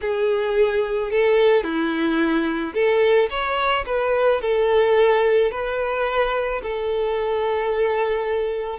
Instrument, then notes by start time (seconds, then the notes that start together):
violin
0.01 G#4
1.11 A4
1.63 E4
2.74 A4
3.30 C#5
3.86 B4
4.41 A4
5.51 B4
6.62 A4